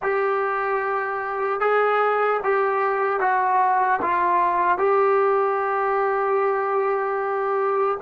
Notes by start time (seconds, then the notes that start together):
0.02 G4
1.60 G#4
2.43 G4
3.20 F#4
4.01 F4
4.77 G4